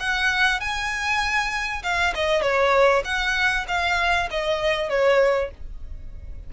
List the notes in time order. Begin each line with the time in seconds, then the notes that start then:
0.00 F#5
0.60 G#5
1.83 F5
2.15 D#5
2.42 C#5
3.05 F#5
3.68 F5
4.31 D#5
4.90 C#5